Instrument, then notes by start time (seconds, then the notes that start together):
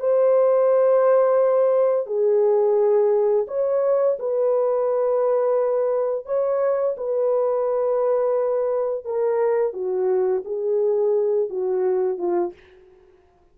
horn
0.00 C5
2.07 G#4
3.48 C#5
4.20 B4
6.26 C#5
6.98 B4
9.05 A#4
9.74 F#4
10.45 G#4
11.50 F#4
12.19 F4